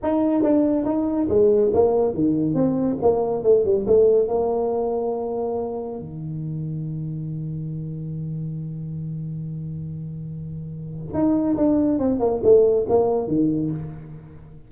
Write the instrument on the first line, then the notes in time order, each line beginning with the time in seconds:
tuba
0.03 D#4
0.43 D4
0.85 D#4
1.29 G#3
1.73 A#3
2.14 D#3
2.54 C4
3.01 A#3
3.43 A3
3.64 G3
3.86 A3
4.28 A#3
5.99 D#3
11.13 D#4
11.56 D4
11.98 C4
12.19 A#3
12.43 A3
12.89 A#3
13.27 D#3